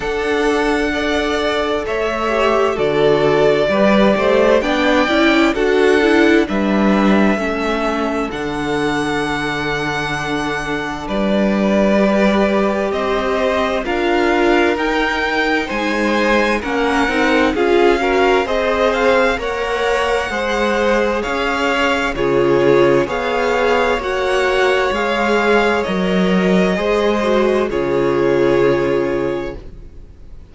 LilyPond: <<
  \new Staff \with { instrumentName = "violin" } { \time 4/4 \tempo 4 = 65 fis''2 e''4 d''4~ | d''4 g''4 fis''4 e''4~ | e''4 fis''2. | d''2 dis''4 f''4 |
g''4 gis''4 fis''4 f''4 | dis''8 f''8 fis''2 f''4 | cis''4 f''4 fis''4 f''4 | dis''2 cis''2 | }
  \new Staff \with { instrumentName = "violin" } { \time 4/4 a'4 d''4 cis''4 a'4 | b'8 c''8 d''4 a'4 b'4 | a'1 | b'2 c''4 ais'4~ |
ais'4 c''4 ais'4 gis'8 ais'8 | c''4 cis''4 c''4 cis''4 | gis'4 cis''2.~ | cis''4 c''4 gis'2 | }
  \new Staff \with { instrumentName = "viola" } { \time 4/4 d'4 a'4. g'8 fis'4 | g'4 d'8 e'8 fis'8 e'8 d'4 | cis'4 d'2.~ | d'4 g'2 f'4 |
dis'2 cis'8 dis'8 f'8 fis'8 | gis'4 ais'4 gis'2 | f'4 gis'4 fis'4 gis'4 | ais'4 gis'8 fis'8 f'2 | }
  \new Staff \with { instrumentName = "cello" } { \time 4/4 d'2 a4 d4 | g8 a8 b8 cis'8 d'4 g4 | a4 d2. | g2 c'4 d'4 |
dis'4 gis4 ais8 c'8 cis'4 | c'4 ais4 gis4 cis'4 | cis4 b4 ais4 gis4 | fis4 gis4 cis2 | }
>>